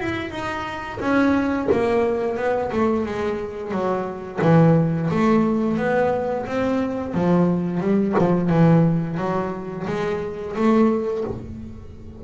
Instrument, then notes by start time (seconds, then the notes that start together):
double bass
0.00 E4
0.30 D#4
1.00 C#4
1.71 A#3
2.36 B3
2.72 A3
3.05 G#3
3.71 F#3
4.41 E3
5.10 A3
5.77 B3
6.46 C4
7.14 F3
7.80 G3
8.18 F3
8.49 E3
9.17 F#3
9.87 G#3
10.56 A3